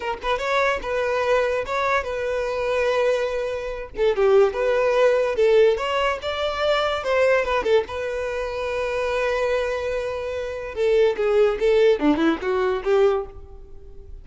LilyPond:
\new Staff \with { instrumentName = "violin" } { \time 4/4 \tempo 4 = 145 ais'8 b'8 cis''4 b'2 | cis''4 b'2.~ | b'4. a'8 g'4 b'4~ | b'4 a'4 cis''4 d''4~ |
d''4 c''4 b'8 a'8 b'4~ | b'1~ | b'2 a'4 gis'4 | a'4 d'8 e'8 fis'4 g'4 | }